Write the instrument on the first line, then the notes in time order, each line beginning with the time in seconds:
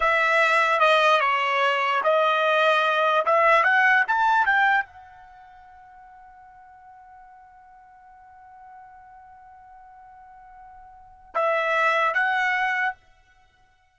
trumpet
0.00 E5
0.80 D#5
1.20 C#5
2.03 D#5
3.25 E5
3.63 F#5
4.07 A5
4.45 G5
4.85 F#5
11.34 E5
12.14 F#5